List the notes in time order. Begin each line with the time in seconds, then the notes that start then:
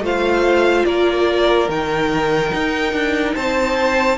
0.00 A3 F4 C5 F5
0.85 A#3 A#4 D5
1.68 D#3 D#4 G5
2.54 D#4
2.93 D4
3.35 C4 C5 A5